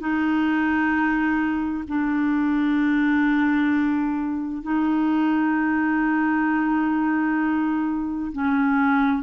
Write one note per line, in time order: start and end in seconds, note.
0.00 1.85 D#4
1.88 4.63 D4
4.63 8.32 D#4
8.32 9.23 C#4